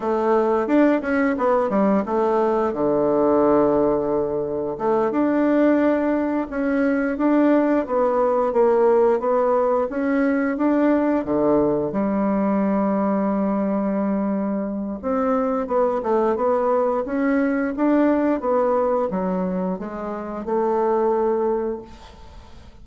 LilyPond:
\new Staff \with { instrumentName = "bassoon" } { \time 4/4 \tempo 4 = 88 a4 d'8 cis'8 b8 g8 a4 | d2. a8 d'8~ | d'4. cis'4 d'4 b8~ | b8 ais4 b4 cis'4 d'8~ |
d'8 d4 g2~ g8~ | g2 c'4 b8 a8 | b4 cis'4 d'4 b4 | fis4 gis4 a2 | }